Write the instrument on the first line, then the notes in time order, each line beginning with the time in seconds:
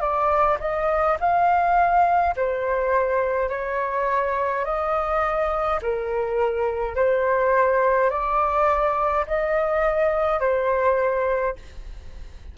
flute
0.00 D5
0.60 D#5
1.20 F5
2.36 C5
3.49 C#5
4.64 D#5
5.82 A#4
6.95 C5
8.10 D5
9.26 D#5
10.40 C5